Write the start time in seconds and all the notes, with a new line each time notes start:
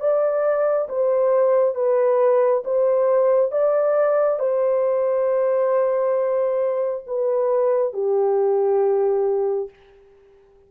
0.00 D5
0.89 C5
1.75 B4
2.64 C5
3.52 D5
4.40 C5
7.07 B4
7.93 G4